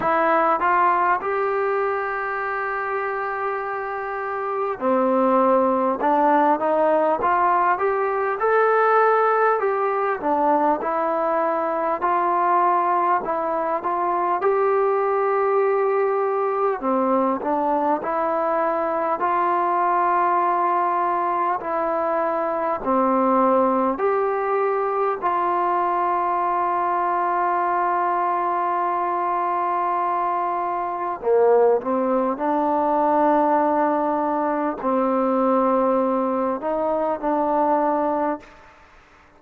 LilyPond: \new Staff \with { instrumentName = "trombone" } { \time 4/4 \tempo 4 = 50 e'8 f'8 g'2. | c'4 d'8 dis'8 f'8 g'8 a'4 | g'8 d'8 e'4 f'4 e'8 f'8 | g'2 c'8 d'8 e'4 |
f'2 e'4 c'4 | g'4 f'2.~ | f'2 ais8 c'8 d'4~ | d'4 c'4. dis'8 d'4 | }